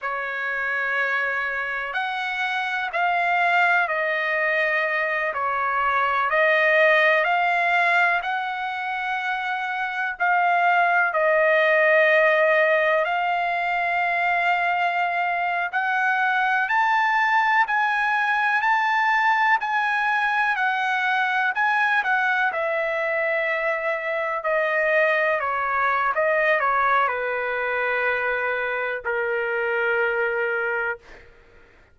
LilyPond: \new Staff \with { instrumentName = "trumpet" } { \time 4/4 \tempo 4 = 62 cis''2 fis''4 f''4 | dis''4. cis''4 dis''4 f''8~ | f''8 fis''2 f''4 dis''8~ | dis''4. f''2~ f''8~ |
f''16 fis''4 a''4 gis''4 a''8.~ | a''16 gis''4 fis''4 gis''8 fis''8 e''8.~ | e''4~ e''16 dis''4 cis''8. dis''8 cis''8 | b'2 ais'2 | }